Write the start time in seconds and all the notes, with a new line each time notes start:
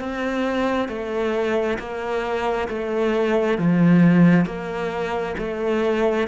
0.00 C4
0.89 A3
1.79 A#3
2.69 A3
3.58 F3
4.46 A#3
5.38 A3